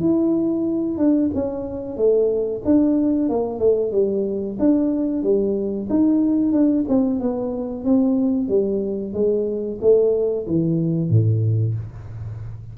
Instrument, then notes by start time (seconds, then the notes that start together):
tuba
0.00 E4
0.98 D4
1.34 C#4
1.97 A3
2.65 D4
3.29 A#3
3.59 A3
3.92 G3
4.59 D4
5.23 G3
5.90 D#4
6.52 D4
6.88 C4
7.20 B3
7.84 C4
8.48 G3
9.13 G#3
9.82 A3
10.47 E3
11.10 A2